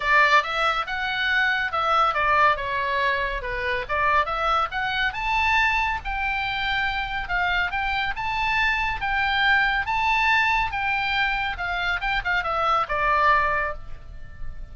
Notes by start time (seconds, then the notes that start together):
0.00 D5
0.43 E5
0.86 F#5
1.72 E5
2.14 D5
2.56 C#5
3.42 B4
3.88 D5
4.25 E5
4.71 F#5
5.13 A5
6.04 G5
7.28 F5
7.71 G5
8.15 A5
9.00 G5
9.86 A5
10.71 G5
11.57 F5
12.00 G5
12.24 F5
12.43 E5
12.88 D5